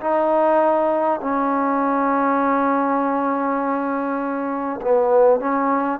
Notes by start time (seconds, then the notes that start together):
0.00 D#4
1.20 C#4
4.81 B3
5.40 C#4